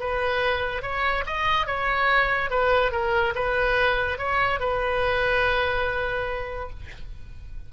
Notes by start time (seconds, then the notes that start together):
0.00 B4
0.83 C#5
1.26 D#5
1.67 C#5
2.50 B4
2.92 A#4
3.35 B4
4.18 C#5
4.60 B4